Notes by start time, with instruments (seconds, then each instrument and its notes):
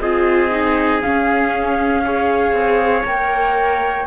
0.00 cello C4, viola F4, trumpet G#4, flute D#5
0.51 viola D#4
1.02 viola C#4, cello C#4, flute F5
2.05 viola G#4, trumpet C#5
2.52 cello C4
3.05 cello A#3, viola A#4, flute G5